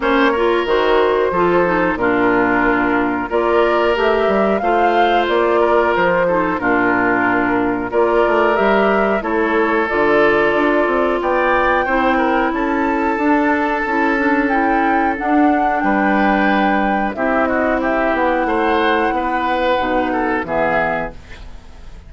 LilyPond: <<
  \new Staff \with { instrumentName = "flute" } { \time 4/4 \tempo 4 = 91 cis''4 c''2 ais'4~ | ais'4 d''4 e''4 f''4 | d''4 c''4 ais'2 | d''4 e''4 cis''4 d''4~ |
d''4 g''2 a''4~ | a''2 g''4 fis''4 | g''2 e''8 dis''8 e''8 fis''8~ | fis''2. e''4 | }
  \new Staff \with { instrumentName = "oboe" } { \time 4/4 c''8 ais'4. a'4 f'4~ | f'4 ais'2 c''4~ | c''8 ais'4 a'8 f'2 | ais'2 a'2~ |
a'4 d''4 c''8 ais'8 a'4~ | a'1 | b'2 g'8 fis'8 g'4 | c''4 b'4. a'8 gis'4 | }
  \new Staff \with { instrumentName = "clarinet" } { \time 4/4 cis'8 f'8 fis'4 f'8 dis'8 d'4~ | d'4 f'4 g'4 f'4~ | f'4. dis'8 d'2 | f'4 g'4 e'4 f'4~ |
f'2 e'2 | d'4 e'8 d'8 e'4 d'4~ | d'2 e'2~ | e'2 dis'4 b4 | }
  \new Staff \with { instrumentName = "bassoon" } { \time 4/4 ais4 dis4 f4 ais,4~ | ais,4 ais4 a8 g8 a4 | ais4 f4 ais,2 | ais8 a8 g4 a4 d4 |
d'8 c'8 b4 c'4 cis'4 | d'4 cis'2 d'4 | g2 c'4. b8 | a4 b4 b,4 e4 | }
>>